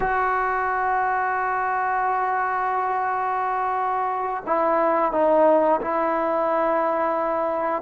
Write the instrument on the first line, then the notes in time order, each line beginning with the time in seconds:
trombone
0.00 F#4
4.46 E4
5.12 D#4
5.81 E4